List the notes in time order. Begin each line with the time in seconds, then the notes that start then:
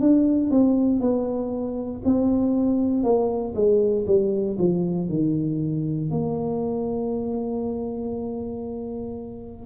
0.00 D4
0.51 C4
1.00 B3
2.05 C4
3.03 A#3
3.55 G#3
4.07 G3
4.59 F3
5.09 D#3
6.11 A#3